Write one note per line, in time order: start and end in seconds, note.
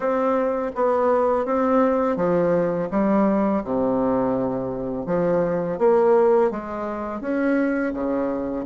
0.00 0.71 C4
0.75 1.45 B3
1.45 2.16 C4
2.16 2.88 F3
2.90 3.63 G3
3.63 5.06 C3
5.06 5.78 F3
5.78 6.51 A#3
6.51 7.20 G#3
7.20 7.93 C#4
7.93 8.65 C#3